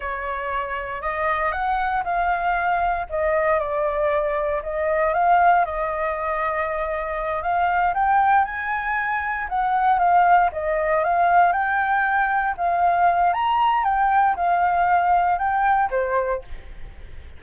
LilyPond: \new Staff \with { instrumentName = "flute" } { \time 4/4 \tempo 4 = 117 cis''2 dis''4 fis''4 | f''2 dis''4 d''4~ | d''4 dis''4 f''4 dis''4~ | dis''2~ dis''8 f''4 g''8~ |
g''8 gis''2 fis''4 f''8~ | f''8 dis''4 f''4 g''4.~ | g''8 f''4. ais''4 g''4 | f''2 g''4 c''4 | }